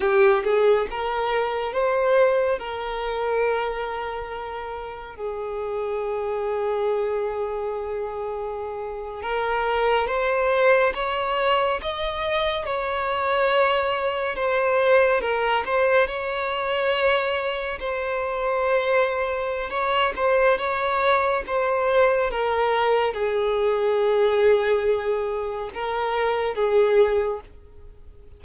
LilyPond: \new Staff \with { instrumentName = "violin" } { \time 4/4 \tempo 4 = 70 g'8 gis'8 ais'4 c''4 ais'4~ | ais'2 gis'2~ | gis'2~ gis'8. ais'4 c''16~ | c''8. cis''4 dis''4 cis''4~ cis''16~ |
cis''8. c''4 ais'8 c''8 cis''4~ cis''16~ | cis''8. c''2~ c''16 cis''8 c''8 | cis''4 c''4 ais'4 gis'4~ | gis'2 ais'4 gis'4 | }